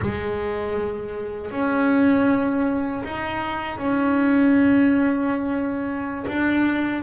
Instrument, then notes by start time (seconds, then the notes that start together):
double bass
0.01 G#3
1.51 C#4
3.03 D#4
3.78 C#4
6.27 D4